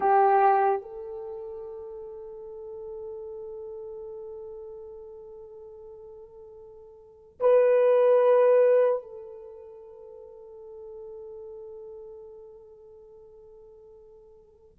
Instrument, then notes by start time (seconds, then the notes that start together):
horn
0.00 G4
0.81 A4
7.40 B4
9.02 A4